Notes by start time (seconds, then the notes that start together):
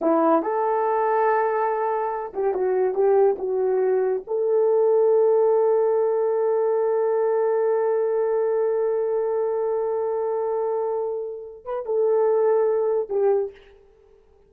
0.01 E4
0.42 A4
2.33 G4
2.54 F#4
2.94 G4
3.38 F#4
4.27 A4
11.64 B4
11.85 A4
13.09 G4